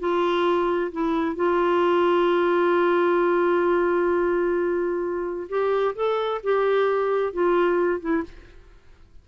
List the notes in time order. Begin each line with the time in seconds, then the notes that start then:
0.00 F4
0.92 E4
1.36 F4
5.50 G4
5.96 A4
6.44 G4
7.33 F4
8.01 E4